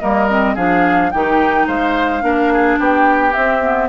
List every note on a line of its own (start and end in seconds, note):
0.00 0.57 G3
0.00 0.29 A#3
0.00 0.55 A#4
0.00 0.56 D#5
0.29 0.57 C4
0.55 1.12 F3
0.55 1.13 D4
0.55 1.10 G#4
0.55 1.11 F5
1.11 1.68 D#3
1.11 2.21 D#4
1.11 1.67 G4
1.11 1.67 G5
1.67 2.23 G#3
1.67 2.23 C5
1.67 2.79 F5
2.21 2.78 A#3
2.21 3.32 D4
2.21 2.53 A#4
2.53 2.80 G#4
2.80 3.35 B3
2.80 3.89 G4
2.80 3.33 G5
3.33 3.62 C4
3.33 3.89 C4
3.33 3.89 E5
3.62 3.89 B3